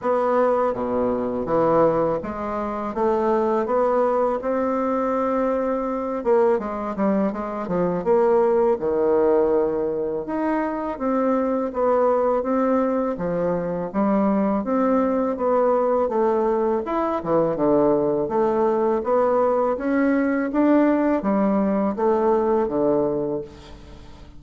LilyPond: \new Staff \with { instrumentName = "bassoon" } { \time 4/4 \tempo 4 = 82 b4 b,4 e4 gis4 | a4 b4 c'2~ | c'8 ais8 gis8 g8 gis8 f8 ais4 | dis2 dis'4 c'4 |
b4 c'4 f4 g4 | c'4 b4 a4 e'8 e8 | d4 a4 b4 cis'4 | d'4 g4 a4 d4 | }